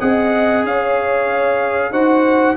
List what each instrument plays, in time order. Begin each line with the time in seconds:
0.00 tuba C4, trombone G#4, horn D#5, trumpet F#5
0.64 tuba C#4, horn C#5, trumpet F5
1.91 tuba D#4, trombone F#4, horn C5, trumpet F#5